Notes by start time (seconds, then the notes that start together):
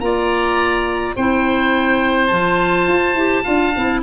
0.00 A#3 F4 D5 A#5
1.16 C4 E4 C5 G5
2.27 F3 F4 A5
2.88 F4
3.14 E4 G4
3.43 D4 F4 F5
3.76 C4 E4